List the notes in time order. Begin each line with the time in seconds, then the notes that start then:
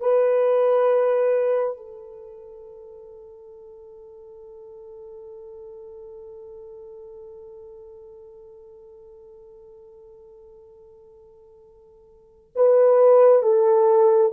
0.00 B4
1.77 A4
12.55 B4
13.42 A4